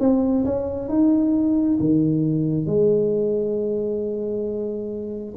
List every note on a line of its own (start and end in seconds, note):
0.00 0.45 C4
0.45 0.89 C#4
0.89 1.78 D#4
1.80 2.66 D#3
2.66 5.35 G#3